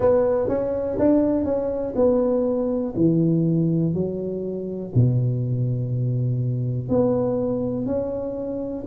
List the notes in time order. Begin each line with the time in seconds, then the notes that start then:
0.00 B3
0.48 C#4
0.98 D4
1.44 C#4
1.95 B3
2.96 E3
3.93 F#3
4.94 B2
6.89 B3
7.86 C#4